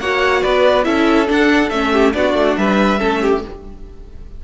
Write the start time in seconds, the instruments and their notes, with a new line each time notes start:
0.00 cello A#3, viola F#4, violin C#5 F#5
0.42 cello B3, violin B4 D5
0.84 cello C#4, viola E4, violin A4 E5
1.26 viola D4, cello D4, violin F#5
1.70 cello A3, viola C#4, violin E5
1.92 violin G4
2.14 cello B3, viola D4, violin F#4 D5
2.34 cello A3
2.57 cello G3, violin B4 E5
2.99 cello A3, viola C#4, violin A4
3.22 violin G4